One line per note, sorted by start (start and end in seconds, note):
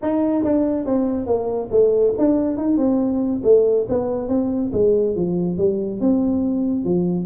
0.02 0.43 D#4
0.43 0.85 D4
0.85 1.26 C4
1.26 1.69 A#3
1.71 2.14 A3
2.17 2.57 D4
2.57 2.77 D#4
2.77 3.41 C4
3.43 3.86 A3
3.88 4.28 B3
4.28 4.71 C4
4.72 5.15 G#3
5.15 5.57 F3
5.57 6.00 G3
6.00 6.84 C4
6.84 7.25 F3